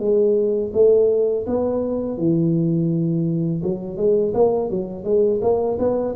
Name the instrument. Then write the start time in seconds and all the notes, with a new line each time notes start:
tuba
0.00 G#3
0.74 A3
1.47 B3
2.18 E3
3.64 F#3
3.98 G#3
4.34 A#3
4.71 F#3
5.05 G#3
5.42 A#3
5.79 B3